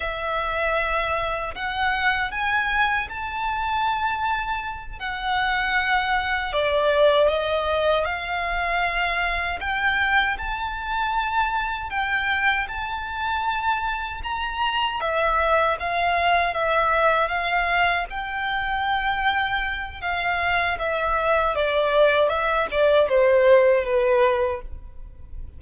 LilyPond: \new Staff \with { instrumentName = "violin" } { \time 4/4 \tempo 4 = 78 e''2 fis''4 gis''4 | a''2~ a''8 fis''4.~ | fis''8 d''4 dis''4 f''4.~ | f''8 g''4 a''2 g''8~ |
g''8 a''2 ais''4 e''8~ | e''8 f''4 e''4 f''4 g''8~ | g''2 f''4 e''4 | d''4 e''8 d''8 c''4 b'4 | }